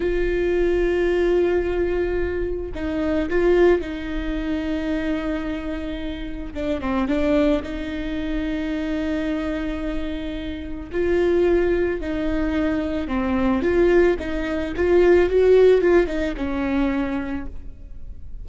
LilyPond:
\new Staff \with { instrumentName = "viola" } { \time 4/4 \tempo 4 = 110 f'1~ | f'4 dis'4 f'4 dis'4~ | dis'1 | d'8 c'8 d'4 dis'2~ |
dis'1 | f'2 dis'2 | c'4 f'4 dis'4 f'4 | fis'4 f'8 dis'8 cis'2 | }